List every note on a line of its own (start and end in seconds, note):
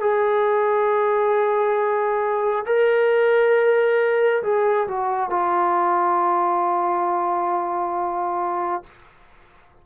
0.00 2.65 G#4
2.66 4.42 A#4
4.42 4.86 G#4
4.87 5.30 F#4
5.30 8.83 F4